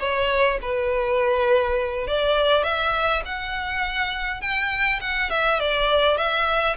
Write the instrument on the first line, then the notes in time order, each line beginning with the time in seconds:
violin
0.00 C#5
0.62 B4
2.07 D5
2.64 E5
3.26 F#5
4.42 G5
5.01 F#5
5.30 E5
5.60 D5
6.17 E5